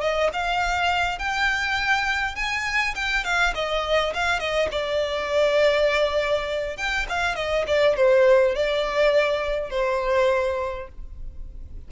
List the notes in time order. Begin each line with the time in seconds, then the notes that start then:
0.00 D#5
0.32 F5
1.18 G5
2.35 G#5
2.94 G5
3.24 F5
3.54 D#5
4.13 F5
4.39 D#5
4.71 D5
6.76 G5
7.09 F5
7.35 D#5
7.67 D5
7.96 C5
8.55 D5
9.70 C5